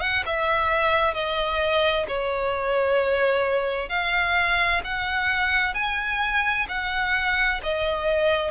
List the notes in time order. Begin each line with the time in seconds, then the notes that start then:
0.00 F#5
0.26 E5
1.14 D#5
2.08 C#5
3.89 F5
4.84 F#5
5.74 G#5
6.68 F#5
7.63 D#5